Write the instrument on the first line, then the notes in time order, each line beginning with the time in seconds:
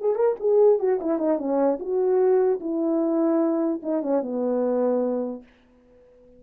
horn
0.00 G#4
0.15 A#4
0.39 G#4
0.79 F#4
1.00 E4
1.18 D#4
1.38 C#4
1.79 F#4
2.60 E4
3.82 D#4
4.02 C#4
4.22 B3